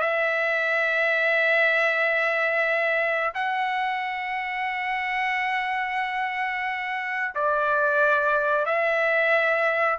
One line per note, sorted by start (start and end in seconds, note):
0.00 3.33 E5
3.34 7.34 F#5
7.35 8.65 D5
8.65 9.99 E5